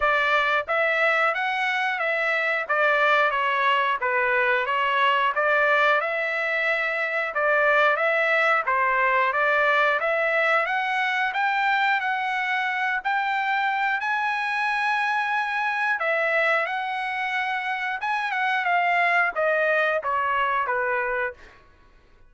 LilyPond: \new Staff \with { instrumentName = "trumpet" } { \time 4/4 \tempo 4 = 90 d''4 e''4 fis''4 e''4 | d''4 cis''4 b'4 cis''4 | d''4 e''2 d''4 | e''4 c''4 d''4 e''4 |
fis''4 g''4 fis''4. g''8~ | g''4 gis''2. | e''4 fis''2 gis''8 fis''8 | f''4 dis''4 cis''4 b'4 | }